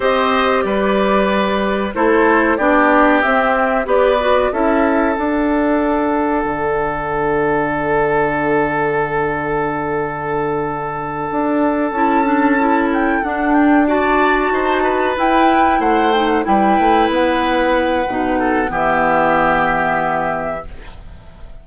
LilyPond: <<
  \new Staff \with { instrumentName = "flute" } { \time 4/4 \tempo 4 = 93 dis''4 d''2 c''4 | d''4 e''4 d''4 e''4 | fis''1~ | fis''1~ |
fis''2~ fis''8 a''4. | g''8 fis''8 g''8 a''2 g''8~ | g''8 fis''8 g''16 fis''16 g''4 fis''4.~ | fis''4 e''2. | }
  \new Staff \with { instrumentName = "oboe" } { \time 4/4 c''4 b'2 a'4 | g'2 b'4 a'4~ | a'1~ | a'1~ |
a'1~ | a'4. d''4 c''8 b'4~ | b'8 c''4 b'2~ b'8~ | b'8 a'8 g'2. | }
  \new Staff \with { instrumentName = "clarinet" } { \time 4/4 g'2. e'4 | d'4 c'4 g'8 fis'8 e'4 | d'1~ | d'1~ |
d'2~ d'8 e'8 d'8 e'8~ | e'8 d'4 fis'2 e'8~ | e'4 dis'8 e'2~ e'8 | dis'4 b2. | }
  \new Staff \with { instrumentName = "bassoon" } { \time 4/4 c'4 g2 a4 | b4 c'4 b4 cis'4 | d'2 d2~ | d1~ |
d4. d'4 cis'4.~ | cis'8 d'2 dis'4 e'8~ | e'8 a4 g8 a8 b4. | b,4 e2. | }
>>